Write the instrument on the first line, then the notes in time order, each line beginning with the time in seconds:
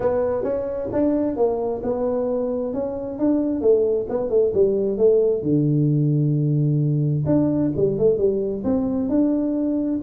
tuba
0.00 B3
0.43 C#4
0.92 D4
1.36 A#3
1.83 B3
2.73 C#4
3.18 D4
3.61 A3
4.09 B3
4.29 A3
4.54 G3
4.97 A3
5.42 D3
7.26 D4
7.76 G3
7.98 A3
8.18 G3
8.64 C4
9.09 D4